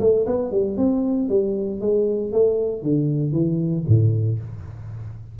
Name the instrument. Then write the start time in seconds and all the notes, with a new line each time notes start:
tuba
0.00 A3
0.27 B3
0.52 G3
0.78 C4
1.29 G3
1.81 G#3
2.33 A3
2.83 D3
3.32 E3
3.88 A2